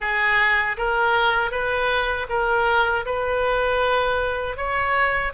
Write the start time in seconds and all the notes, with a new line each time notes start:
0.00 G#4
0.77 A#4
1.51 B4
2.29 A#4
3.06 B4
4.56 C#5